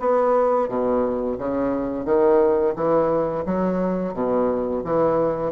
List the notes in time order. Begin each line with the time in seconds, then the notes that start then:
0.00 B3
0.69 B2
1.38 C#3
2.05 D#3
2.76 E3
3.46 F#3
4.14 B2
4.84 E3